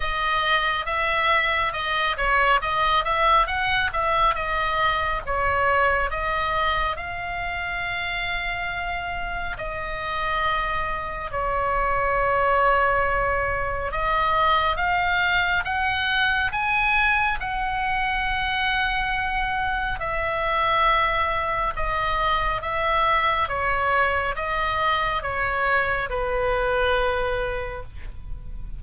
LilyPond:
\new Staff \with { instrumentName = "oboe" } { \time 4/4 \tempo 4 = 69 dis''4 e''4 dis''8 cis''8 dis''8 e''8 | fis''8 e''8 dis''4 cis''4 dis''4 | f''2. dis''4~ | dis''4 cis''2. |
dis''4 f''4 fis''4 gis''4 | fis''2. e''4~ | e''4 dis''4 e''4 cis''4 | dis''4 cis''4 b'2 | }